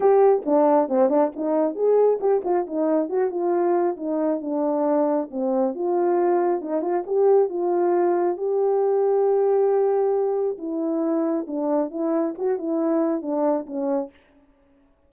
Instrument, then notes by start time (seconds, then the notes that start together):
horn
0.00 G4
0.45 D4
0.88 C4
1.09 D4
1.36 D#4
1.75 G#4
2.20 G4
2.44 F4
2.66 D#4
3.09 F#4
3.30 F4
3.96 D#4
4.41 D4
5.30 C4
5.74 F4
6.61 D#4
6.81 F4
7.06 G4
7.49 F4
8.37 G4
10.58 E4
11.47 D4
11.90 E4
12.37 F#4
12.58 E4
13.21 D4
13.66 C#4